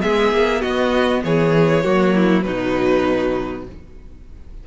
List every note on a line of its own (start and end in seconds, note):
0.00 0.32 G#3
0.00 1.82 B3
0.00 0.61 G#4
0.00 0.62 E5
0.32 0.63 A#3
0.61 1.24 B3
0.61 1.22 F#4
0.61 1.23 D#5
1.24 1.85 E3
1.24 1.84 G#4
1.24 2.43 C#5
1.84 2.46 F#3
1.84 2.44 A#3
1.84 2.14 F#4
2.15 2.45 E4
2.43 3.67 B2
2.43 3.65 F#3
2.43 3.67 D#4
2.43 3.64 B4